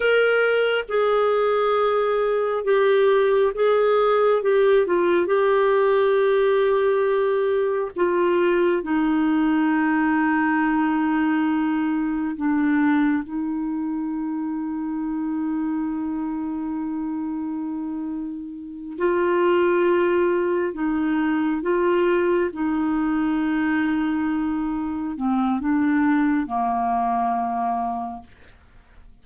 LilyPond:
\new Staff \with { instrumentName = "clarinet" } { \time 4/4 \tempo 4 = 68 ais'4 gis'2 g'4 | gis'4 g'8 f'8 g'2~ | g'4 f'4 dis'2~ | dis'2 d'4 dis'4~ |
dis'1~ | dis'4. f'2 dis'8~ | dis'8 f'4 dis'2~ dis'8~ | dis'8 c'8 d'4 ais2 | }